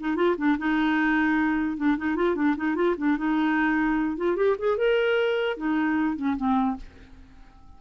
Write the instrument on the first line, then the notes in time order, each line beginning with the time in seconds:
clarinet
0.00 D#4
0.16 F4
0.38 D4
0.59 D#4
1.77 D4
1.98 D#4
2.16 F4
2.36 D4
2.57 D#4
2.76 F4
2.98 D4
3.18 D#4
4.17 F4
4.37 G4
4.59 G#4
4.78 A#4
5.58 D#4
6.17 C#4
6.37 C4